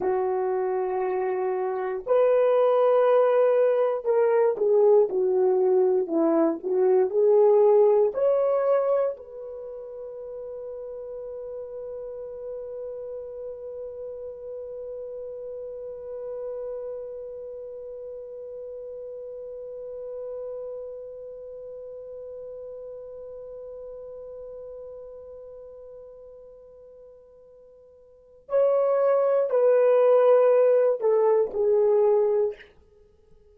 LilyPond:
\new Staff \with { instrumentName = "horn" } { \time 4/4 \tempo 4 = 59 fis'2 b'2 | ais'8 gis'8 fis'4 e'8 fis'8 gis'4 | cis''4 b'2.~ | b'1~ |
b'1~ | b'1~ | b'1 | cis''4 b'4. a'8 gis'4 | }